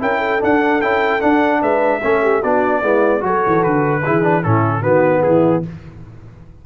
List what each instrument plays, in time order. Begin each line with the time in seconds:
0.00 tuba C#4, trombone E4, horn A#4, trumpet G5
0.19 horn A4
0.40 trombone D4, tuba D4, trumpet F#5
0.81 tuba C#4, trombone E4, trumpet G5
1.21 trombone D4, tuba D4, trumpet F#5
1.61 tuba G#3, horn B4, trumpet E5
2.03 tuba A3, trombone C#4, horn A4
2.23 horn G4
2.41 tuba B3, trombone D4, horn F#4, trumpet D5
2.83 tuba G#3, trombone B3, horn E4
3.21 tuba F#3, trombone F#4, horn A4, trumpet C#5
3.47 tuba E3
3.64 tuba D3, trumpet B4
4.03 tuba E3, trombone E4, horn G#4
4.22 trombone D4
4.43 tuba A2, trombone C#4, horn E4, trumpet A4
4.82 tuba D#3, trombone B3, horn F#4, trumpet B4
5.23 tuba E3, horn E4, trumpet G#4